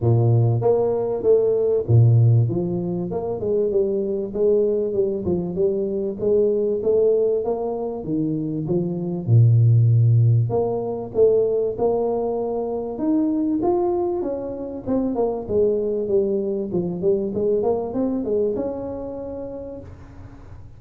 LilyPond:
\new Staff \with { instrumentName = "tuba" } { \time 4/4 \tempo 4 = 97 ais,4 ais4 a4 ais,4 | f4 ais8 gis8 g4 gis4 | g8 f8 g4 gis4 a4 | ais4 dis4 f4 ais,4~ |
ais,4 ais4 a4 ais4~ | ais4 dis'4 f'4 cis'4 | c'8 ais8 gis4 g4 f8 g8 | gis8 ais8 c'8 gis8 cis'2 | }